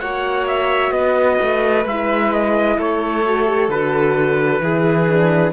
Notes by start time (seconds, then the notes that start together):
0.00 A#3 F#4 C#5 F#5
0.47 E5
0.91 B3 B4 D#5
1.42 A3
1.85 G#3 E4 E5
2.33 D#5
2.77 A3 A4 C#5
3.26 F#4
3.46 G4
3.68 D3 F#4 B4
4.60 E3 E4 G#4
5.09 D4